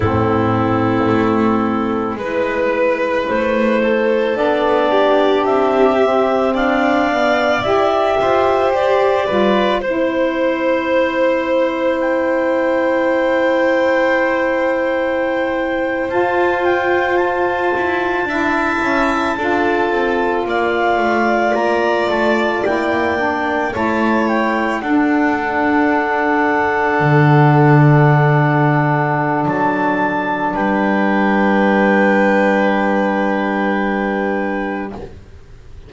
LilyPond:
<<
  \new Staff \with { instrumentName = "clarinet" } { \time 4/4 \tempo 4 = 55 a'2 b'4 c''4 | d''4 e''4 f''4 e''4 | d''4 c''2 g''4~ | g''2~ g''8. a''8 g''8 a''16~ |
a''2~ a''8. f''4 ais''16~ | ais''16 a''8 g''4 a''8 g''8 fis''4~ fis''16~ | fis''2. a''4 | g''1 | }
  \new Staff \with { instrumentName = "violin" } { \time 4/4 e'2 b'4. a'8~ | a'8 g'4. d''4. c''8~ | c''8 b'8 c''2.~ | c''1~ |
c''8. e''4 a'4 d''4~ d''16~ | d''4.~ d''16 cis''4 a'4~ a'16~ | a'1 | b'1 | }
  \new Staff \with { instrumentName = "saxophone" } { \time 4/4 c'2 e'2 | d'4. c'4 b8 g'4~ | g'8 f'8 e'2.~ | e'2~ e'8. f'4~ f'16~ |
f'8. e'4 f'2~ f'16~ | f'8. e'8 d'8 e'4 d'4~ d'16~ | d'1~ | d'1 | }
  \new Staff \with { instrumentName = "double bass" } { \time 4/4 a,4 a4 gis4 a4 | b4 c'4 d'4 e'8 f'8 | g'8 g8 c'2.~ | c'2~ c'8. f'4~ f'16~ |
f'16 e'8 d'8 cis'8 d'8 c'8 ais8 a8 ais16~ | ais16 a8 ais4 a4 d'4~ d'16~ | d'8. d2~ d16 fis4 | g1 | }
>>